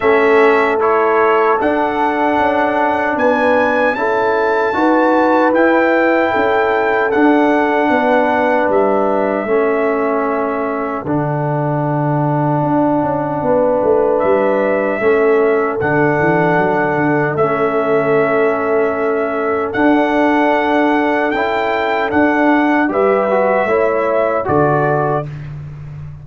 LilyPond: <<
  \new Staff \with { instrumentName = "trumpet" } { \time 4/4 \tempo 4 = 76 e''4 cis''4 fis''2 | gis''4 a''2 g''4~ | g''4 fis''2 e''4~ | e''2 fis''2~ |
fis''2 e''2 | fis''2 e''2~ | e''4 fis''2 g''4 | fis''4 e''2 d''4 | }
  \new Staff \with { instrumentName = "horn" } { \time 4/4 a'1 | b'4 a'4 b'2 | a'2 b'2 | a'1~ |
a'4 b'2 a'4~ | a'1~ | a'1~ | a'4 b'4 cis''4 a'4 | }
  \new Staff \with { instrumentName = "trombone" } { \time 4/4 cis'4 e'4 d'2~ | d'4 e'4 fis'4 e'4~ | e'4 d'2. | cis'2 d'2~ |
d'2. cis'4 | d'2 cis'2~ | cis'4 d'2 e'4 | d'4 g'8 fis'8 e'4 fis'4 | }
  \new Staff \with { instrumentName = "tuba" } { \time 4/4 a2 d'4 cis'4 | b4 cis'4 dis'4 e'4 | cis'4 d'4 b4 g4 | a2 d2 |
d'8 cis'8 b8 a8 g4 a4 | d8 e8 fis8 d8 a2~ | a4 d'2 cis'4 | d'4 g4 a4 d4 | }
>>